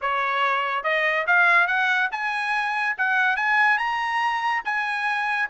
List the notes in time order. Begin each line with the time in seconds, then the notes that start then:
0.01 C#5
0.83 D#5
1.26 F5
1.67 F#5
2.11 G#5
2.97 F#5
3.36 G#5
3.78 A#5
4.64 G#5